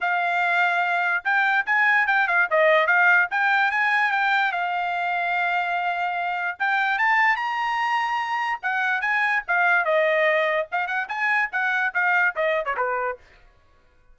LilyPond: \new Staff \with { instrumentName = "trumpet" } { \time 4/4 \tempo 4 = 146 f''2. g''4 | gis''4 g''8 f''8 dis''4 f''4 | g''4 gis''4 g''4 f''4~ | f''1 |
g''4 a''4 ais''2~ | ais''4 fis''4 gis''4 f''4 | dis''2 f''8 fis''8 gis''4 | fis''4 f''4 dis''8. cis''16 b'4 | }